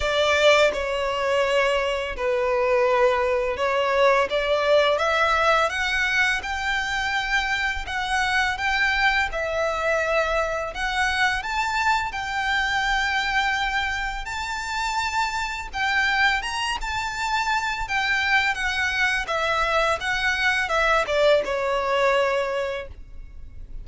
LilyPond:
\new Staff \with { instrumentName = "violin" } { \time 4/4 \tempo 4 = 84 d''4 cis''2 b'4~ | b'4 cis''4 d''4 e''4 | fis''4 g''2 fis''4 | g''4 e''2 fis''4 |
a''4 g''2. | a''2 g''4 ais''8 a''8~ | a''4 g''4 fis''4 e''4 | fis''4 e''8 d''8 cis''2 | }